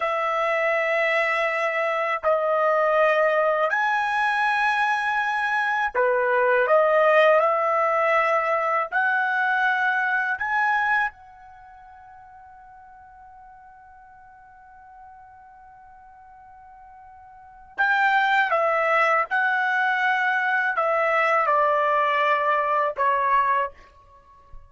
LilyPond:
\new Staff \with { instrumentName = "trumpet" } { \time 4/4 \tempo 4 = 81 e''2. dis''4~ | dis''4 gis''2. | b'4 dis''4 e''2 | fis''2 gis''4 fis''4~ |
fis''1~ | fis''1 | g''4 e''4 fis''2 | e''4 d''2 cis''4 | }